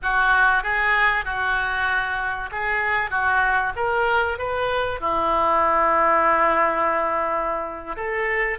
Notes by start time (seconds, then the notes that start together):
0.02 F#4
0.62 G#4
1.24 F#4
2.51 G#4
3.10 F#4
3.76 A#4
4.38 B4
5.00 E4
7.96 A4